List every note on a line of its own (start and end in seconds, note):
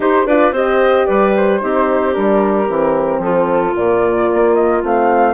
0.00 0.25 D#4
0.00 0.26 D#4
0.00 0.26 G4
0.00 0.27 C5
0.26 0.52 D4
0.26 0.54 F4
0.26 0.53 B4
0.26 0.53 D5
0.52 1.05 C4
0.52 1.61 G4
0.52 1.06 C5
0.52 1.06 D#5
1.06 1.62 G3
1.06 1.60 B4
1.06 1.33 D5
1.36 2.13 C5
1.61 2.16 C4
1.61 2.12 D#4
1.61 3.22 G4
2.12 2.69 G3
2.12 2.66 D4
2.12 3.20 A#4
2.67 3.18 E3
2.67 3.72 C4
3.18 3.72 F3
3.18 5.34 F4
3.18 3.75 A4
3.72 4.28 A#2
3.72 4.79 A#3
3.72 4.54 D5
4.33 4.83 A#3
4.54 4.81 D#5
4.82 5.34 A3
4.82 5.34 C4
4.82 5.34 F5